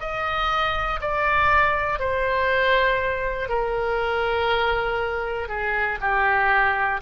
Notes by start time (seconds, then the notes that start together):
0.00 D#5
1.00 D5
1.99 C5
3.48 A#4
5.48 G#4
6.00 G4